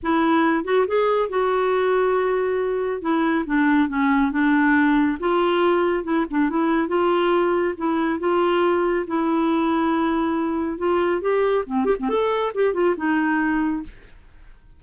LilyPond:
\new Staff \with { instrumentName = "clarinet" } { \time 4/4 \tempo 4 = 139 e'4. fis'8 gis'4 fis'4~ | fis'2. e'4 | d'4 cis'4 d'2 | f'2 e'8 d'8 e'4 |
f'2 e'4 f'4~ | f'4 e'2.~ | e'4 f'4 g'4 c'8 g'16 c'16 | a'4 g'8 f'8 dis'2 | }